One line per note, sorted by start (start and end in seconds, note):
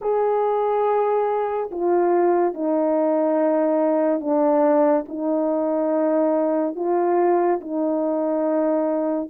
0.01 1.70 G#4
1.71 2.54 F4
2.54 4.20 D#4
4.20 5.04 D4
5.08 6.75 D#4
6.75 7.60 F4
7.61 9.29 D#4